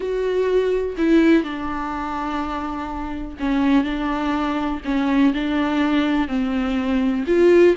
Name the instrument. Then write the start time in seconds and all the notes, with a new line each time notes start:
viola
0.00 F#4
0.97 E4
1.43 D4
3.39 C#4
3.84 D4
4.84 C#4
5.34 D4
6.28 C4
7.26 F4